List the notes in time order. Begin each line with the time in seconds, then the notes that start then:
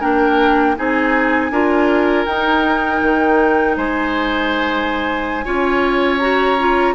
0.00 A#3 D4 A#4 G5
0.76 C4 D#4 G#4 G#5
1.51 D4 F4 A#4
2.25 D#4 G5
3.02 D#3
3.77 G#3 C5 G#5
5.45 C#4 F4 C#5
6.19 F#4 A#5
6.59 F4